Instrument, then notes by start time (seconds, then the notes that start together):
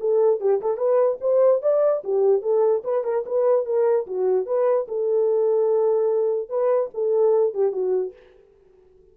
horn
0.00 A4
0.40 G4
0.61 A4
0.77 B4
1.21 C5
1.62 D5
2.04 G4
2.42 A4
2.84 B4
3.04 A#4
3.26 B4
3.65 A#4
4.07 F#4
4.46 B4
4.88 A4
6.49 B4
6.94 A4
7.54 G4
7.72 F#4